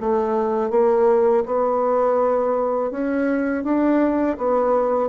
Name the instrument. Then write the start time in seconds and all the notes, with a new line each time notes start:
bassoon
0.00 A3
0.70 A#3
1.45 B3
2.91 C#4
3.64 D4
4.37 B3